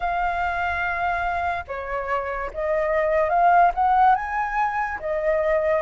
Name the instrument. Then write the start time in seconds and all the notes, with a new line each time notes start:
flute
0.00 F5
1.67 C#5
2.53 D#5
3.29 F5
3.74 F#5
4.15 G#5
4.99 D#5